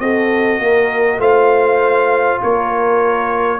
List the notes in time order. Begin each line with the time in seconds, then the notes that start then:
0.00 C4 F#4 A4 D#5
0.59 A#3 A#4
1.18 A3 F4 C5 F5
2.43 A#3 A#4 C#5